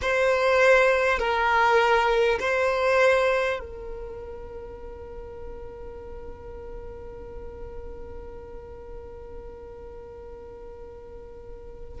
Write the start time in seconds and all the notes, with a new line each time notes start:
0.01 C5
1.18 A#4
2.39 C5
3.59 A#4